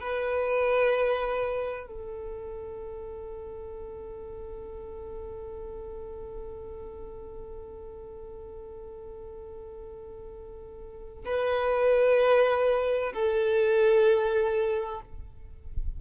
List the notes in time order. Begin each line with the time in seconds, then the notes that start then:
0.00 B4
1.87 A4
11.25 B4
13.13 A4